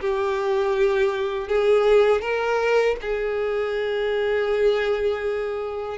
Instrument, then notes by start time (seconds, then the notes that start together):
violin
0.00 G4
1.48 G#4
2.21 A#4
3.01 G#4